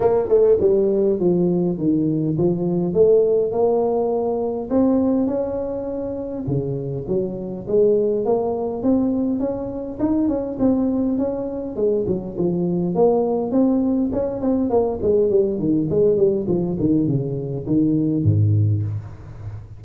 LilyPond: \new Staff \with { instrumentName = "tuba" } { \time 4/4 \tempo 4 = 102 ais8 a8 g4 f4 dis4 | f4 a4 ais2 | c'4 cis'2 cis4 | fis4 gis4 ais4 c'4 |
cis'4 dis'8 cis'8 c'4 cis'4 | gis8 fis8 f4 ais4 c'4 | cis'8 c'8 ais8 gis8 g8 dis8 gis8 g8 | f8 dis8 cis4 dis4 gis,4 | }